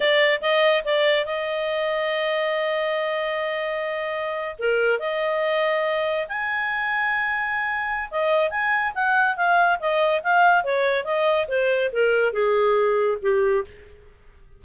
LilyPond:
\new Staff \with { instrumentName = "clarinet" } { \time 4/4 \tempo 4 = 141 d''4 dis''4 d''4 dis''4~ | dis''1~ | dis''2~ dis''8. ais'4 dis''16~ | dis''2~ dis''8. gis''4~ gis''16~ |
gis''2. dis''4 | gis''4 fis''4 f''4 dis''4 | f''4 cis''4 dis''4 c''4 | ais'4 gis'2 g'4 | }